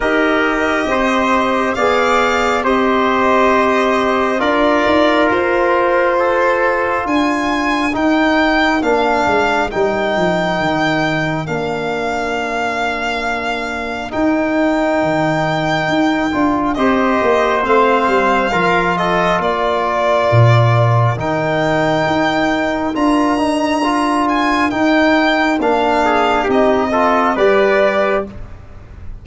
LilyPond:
<<
  \new Staff \with { instrumentName = "violin" } { \time 4/4 \tempo 4 = 68 dis''2 f''4 dis''4~ | dis''4 d''4 c''2 | gis''4 g''4 f''4 g''4~ | g''4 f''2. |
g''2. dis''4 | f''4. dis''8 d''2 | g''2 ais''4. gis''8 | g''4 f''4 dis''4 d''4 | }
  \new Staff \with { instrumentName = "trumpet" } { \time 4/4 ais'4 c''4 d''4 c''4~ | c''4 ais'2 a'4 | ais'1~ | ais'1~ |
ais'2. c''4~ | c''4 ais'8 a'8 ais'2~ | ais'1~ | ais'4. gis'8 g'8 a'8 b'4 | }
  \new Staff \with { instrumentName = "trombone" } { \time 4/4 g'2 gis'4 g'4~ | g'4 f'2.~ | f'4 dis'4 d'4 dis'4~ | dis'4 d'2. |
dis'2~ dis'8 f'8 g'4 | c'4 f'2. | dis'2 f'8 dis'8 f'4 | dis'4 d'4 dis'8 f'8 g'4 | }
  \new Staff \with { instrumentName = "tuba" } { \time 4/4 dis'4 c'4 b4 c'4~ | c'4 d'8 dis'8 f'2 | d'4 dis'4 ais8 gis8 g8 f8 | dis4 ais2. |
dis'4 dis4 dis'8 d'8 c'8 ais8 | a8 g8 f4 ais4 ais,4 | dis4 dis'4 d'2 | dis'4 ais4 c'4 g4 | }
>>